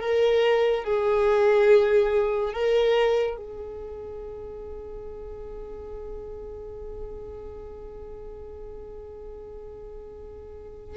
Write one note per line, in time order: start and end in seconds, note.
0.00 0.84 A#4
0.84 2.53 G#4
2.53 3.36 A#4
3.36 10.96 G#4